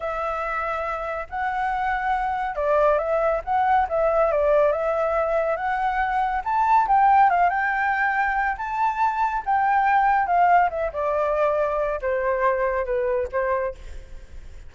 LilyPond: \new Staff \with { instrumentName = "flute" } { \time 4/4 \tempo 4 = 140 e''2. fis''4~ | fis''2 d''4 e''4 | fis''4 e''4 d''4 e''4~ | e''4 fis''2 a''4 |
g''4 f''8 g''2~ g''8 | a''2 g''2 | f''4 e''8 d''2~ d''8 | c''2 b'4 c''4 | }